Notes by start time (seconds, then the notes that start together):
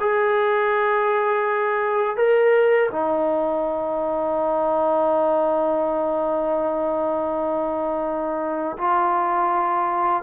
0.00 G#4
2.16 A#4
2.91 D#4
8.77 F4